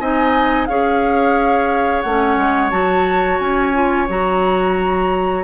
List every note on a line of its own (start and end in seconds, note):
0.00 0.68 C4
0.00 0.69 D#4
0.00 0.69 D#5
0.00 0.66 G#5
0.66 2.05 C#4
0.66 2.05 G#4
0.66 5.44 C#5
0.66 2.02 F5
2.02 2.37 A3
2.02 2.71 C#4
2.02 2.70 F#5
2.37 2.71 G#3
2.70 3.40 F#3
2.70 3.73 F#4
2.70 3.39 A5
3.39 4.08 C#4
3.39 4.08 G#5
3.74 4.08 F4
4.09 5.44 F#3
4.09 5.44 F#4
4.09 5.44 A#5